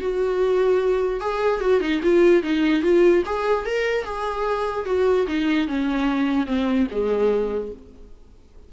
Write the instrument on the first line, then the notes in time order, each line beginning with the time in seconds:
viola
0.00 F#4
1.20 G#4
1.60 F#4
1.80 D#4
2.02 F4
2.42 D#4
2.82 F4
3.25 G#4
3.65 A#4
4.04 G#4
4.85 F#4
5.27 D#4
5.67 C#4
6.46 C4
6.90 G#3